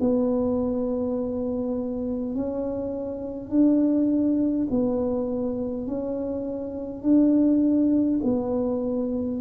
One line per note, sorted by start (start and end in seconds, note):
0.00 2.35 B3
2.35 3.50 C#4
3.50 4.67 D4
4.70 5.87 B3
5.87 7.02 C#4
7.02 8.20 D4
8.24 9.41 B3